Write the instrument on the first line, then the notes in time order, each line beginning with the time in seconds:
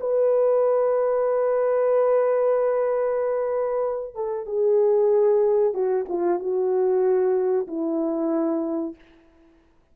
horn
0.00 B4
4.15 A4
4.46 G#4
5.73 F#4
6.08 F4
6.39 F#4
7.67 E4